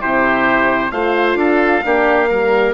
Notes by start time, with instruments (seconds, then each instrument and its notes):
0.00 bassoon C3, horn E4, oboe G4, trumpet C5
0.92 bassoon A3, horn F4, oboe C5, trumpet F5
1.36 bassoon D4, oboe A4
1.84 bassoon A#3, horn D4, oboe G4
2.30 horn G3, oboe A#4